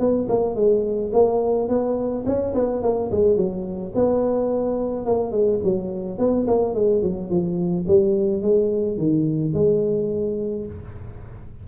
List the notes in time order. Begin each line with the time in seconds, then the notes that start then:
0.00 B3
0.29 A#3
0.55 G#3
1.13 A#3
1.68 B3
2.26 C#4
2.55 B3
2.83 A#3
3.11 G#3
3.37 F#3
3.95 B3
5.06 A#3
5.32 G#3
5.64 F#3
6.18 B3
6.47 A#3
6.74 G#3
7.02 F#3
7.30 F3
7.88 G3
8.42 G#3
8.98 D#3
9.54 G#3